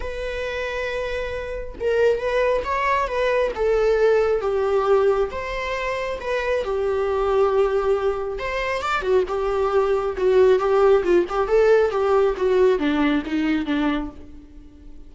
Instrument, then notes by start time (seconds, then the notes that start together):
viola
0.00 B4
1.80 A#4
2.18 B4
2.64 C#5
3.07 B4
3.55 A4
4.41 G4
5.31 C5
6.20 B4
6.64 G4
8.38 C5
8.82 D5
9.01 F#4
9.28 G4
10.17 F#4
10.59 G4
11.03 F4
11.29 G4
11.47 A4
11.91 G4
12.36 F#4
12.78 D4
13.25 D#4
13.65 D4